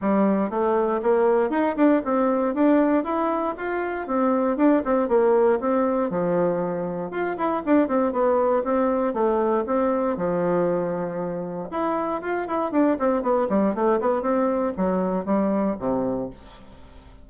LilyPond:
\new Staff \with { instrumentName = "bassoon" } { \time 4/4 \tempo 4 = 118 g4 a4 ais4 dis'8 d'8 | c'4 d'4 e'4 f'4 | c'4 d'8 c'8 ais4 c'4 | f2 f'8 e'8 d'8 c'8 |
b4 c'4 a4 c'4 | f2. e'4 | f'8 e'8 d'8 c'8 b8 g8 a8 b8 | c'4 fis4 g4 c4 | }